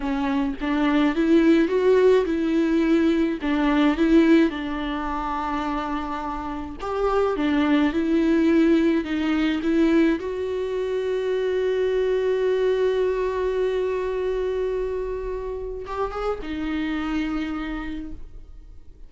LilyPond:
\new Staff \with { instrumentName = "viola" } { \time 4/4 \tempo 4 = 106 cis'4 d'4 e'4 fis'4 | e'2 d'4 e'4 | d'1 | g'4 d'4 e'2 |
dis'4 e'4 fis'2~ | fis'1~ | fis'1 | g'8 gis'8 dis'2. | }